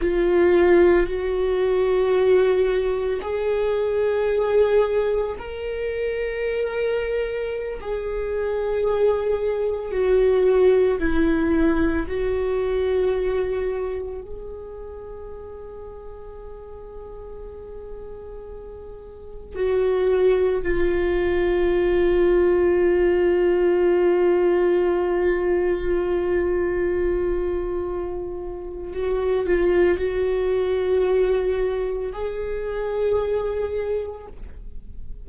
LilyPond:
\new Staff \with { instrumentName = "viola" } { \time 4/4 \tempo 4 = 56 f'4 fis'2 gis'4~ | gis'4 ais'2~ ais'16 gis'8.~ | gis'4~ gis'16 fis'4 e'4 fis'8.~ | fis'4~ fis'16 gis'2~ gis'8.~ |
gis'2~ gis'16 fis'4 f'8.~ | f'1~ | f'2. fis'8 f'8 | fis'2 gis'2 | }